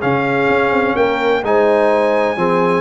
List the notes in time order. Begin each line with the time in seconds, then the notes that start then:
0.00 C#3 C#4 G#4 F5
0.49 C#4
0.71 C4
0.95 A#3 A#4 G5
1.43 G#3 D#4 C5 G#5
2.36 F3 C4 G#4